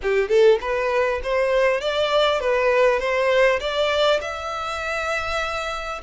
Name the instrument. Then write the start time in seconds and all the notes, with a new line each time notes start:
violin
0.02 G4
0.28 A4
0.60 B4
1.23 C5
1.80 D5
2.40 B4
2.99 C5
3.60 D5
4.21 E5